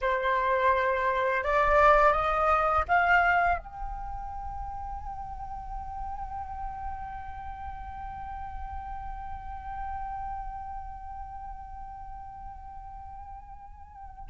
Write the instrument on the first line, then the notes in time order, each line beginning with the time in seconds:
flute
0.01 C5
1.43 D5
2.12 D#5
2.88 F5
3.58 G5